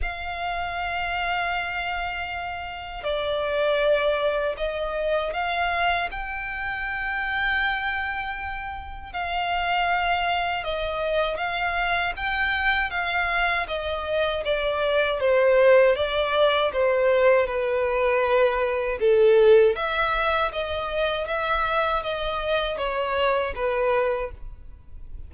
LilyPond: \new Staff \with { instrumentName = "violin" } { \time 4/4 \tempo 4 = 79 f''1 | d''2 dis''4 f''4 | g''1 | f''2 dis''4 f''4 |
g''4 f''4 dis''4 d''4 | c''4 d''4 c''4 b'4~ | b'4 a'4 e''4 dis''4 | e''4 dis''4 cis''4 b'4 | }